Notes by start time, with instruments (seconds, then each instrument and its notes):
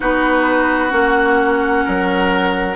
0.00 bassoon B3, clarinet D#4, oboe F#4, flute B4
0.89 bassoon A#3, clarinet C#4, flute F#5
1.84 bassoon F#3, oboe A#4